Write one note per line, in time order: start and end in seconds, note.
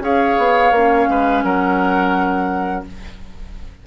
0.00 0.35 C#4
0.00 0.72 G#4
0.00 1.09 C#5
0.00 1.42 F5
0.37 0.70 B3
0.70 1.06 A#3
0.70 2.86 C#4
1.08 1.43 G#3
1.08 1.44 B4
1.42 2.84 F#3
1.42 2.85 A#4
1.42 2.84 F#5